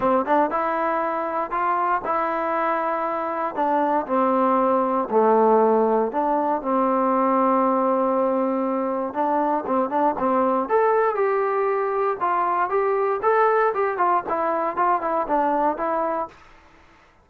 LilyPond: \new Staff \with { instrumentName = "trombone" } { \time 4/4 \tempo 4 = 118 c'8 d'8 e'2 f'4 | e'2. d'4 | c'2 a2 | d'4 c'2.~ |
c'2 d'4 c'8 d'8 | c'4 a'4 g'2 | f'4 g'4 a'4 g'8 f'8 | e'4 f'8 e'8 d'4 e'4 | }